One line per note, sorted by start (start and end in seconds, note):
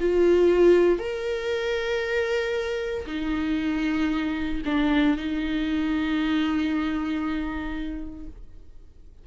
0.00 0.99 F4
0.99 3.06 A#4
3.07 4.62 D#4
4.65 5.17 D4
5.17 8.27 D#4